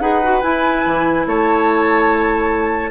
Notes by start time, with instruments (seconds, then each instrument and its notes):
0.00 bassoon D#4, clarinet G#4, oboe B4, flute F#5
0.23 clarinet F#4
0.42 clarinet E4, bassoon E4, flute G#5
0.86 bassoon E3
1.26 bassoon A3, oboe C#5, flute A5